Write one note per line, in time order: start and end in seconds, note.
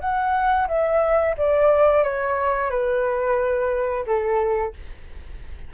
0.00 0.67 F#5
0.68 1.35 E5
1.37 2.03 D5
2.03 2.70 C#5
2.70 4.05 B4
4.06 4.73 A4